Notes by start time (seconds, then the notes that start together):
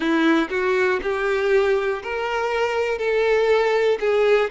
0.00 E4
0.50 F#4
1.02 G4
2.02 A#4
2.98 A4
4.00 G#4